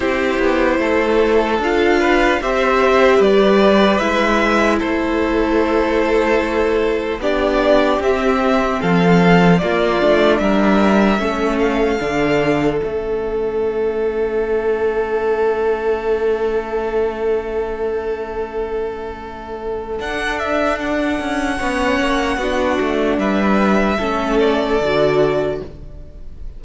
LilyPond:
<<
  \new Staff \with { instrumentName = "violin" } { \time 4/4 \tempo 4 = 75 c''2 f''4 e''4 | d''4 e''4 c''2~ | c''4 d''4 e''4 f''4 | d''4 e''4. f''4. |
e''1~ | e''1~ | e''4 fis''8 e''8 fis''2~ | fis''4 e''4. d''4. | }
  \new Staff \with { instrumentName = "violin" } { \time 4/4 g'4 a'4. b'8 c''4 | b'2 a'2~ | a'4 g'2 a'4 | f'4 ais'4 a'2~ |
a'1~ | a'1~ | a'2. cis''4 | fis'4 b'4 a'2 | }
  \new Staff \with { instrumentName = "viola" } { \time 4/4 e'2 f'4 g'4~ | g'4 e'2.~ | e'4 d'4 c'2 | ais8 d'4. cis'4 d'4 |
cis'1~ | cis'1~ | cis'4 d'2 cis'4 | d'2 cis'4 fis'4 | }
  \new Staff \with { instrumentName = "cello" } { \time 4/4 c'8 b8 a4 d'4 c'4 | g4 gis4 a2~ | a4 b4 c'4 f4 | ais8 a8 g4 a4 d4 |
a1~ | a1~ | a4 d'4. cis'8 b8 ais8 | b8 a8 g4 a4 d4 | }
>>